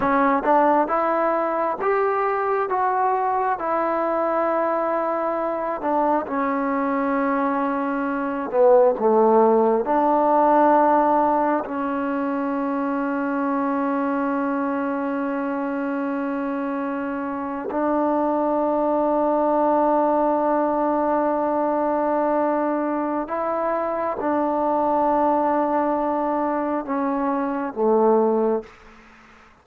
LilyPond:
\new Staff \with { instrumentName = "trombone" } { \time 4/4 \tempo 4 = 67 cis'8 d'8 e'4 g'4 fis'4 | e'2~ e'8 d'8 cis'4~ | cis'4. b8 a4 d'4~ | d'4 cis'2.~ |
cis'2.~ cis'8. d'16~ | d'1~ | d'2 e'4 d'4~ | d'2 cis'4 a4 | }